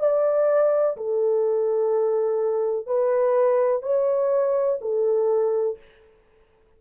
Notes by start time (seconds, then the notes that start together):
0.00 D5
0.97 A4
2.86 B4
3.83 C#5
4.81 A4